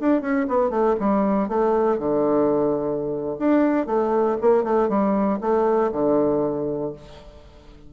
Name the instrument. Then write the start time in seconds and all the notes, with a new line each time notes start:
bassoon
0.00 D4
0.21 C#4
0.48 B3
0.70 A3
0.99 G3
1.49 A3
1.98 D3
3.39 D4
3.86 A3
4.41 A#3
4.64 A3
4.89 G3
5.41 A3
5.92 D3